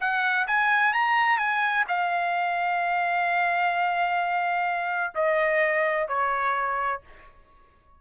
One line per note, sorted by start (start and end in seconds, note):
0.00 0.47 F#5
0.47 0.93 G#5
0.93 1.38 A#5
1.38 1.84 G#5
1.88 5.13 F5
5.15 6.08 D#5
6.08 7.01 C#5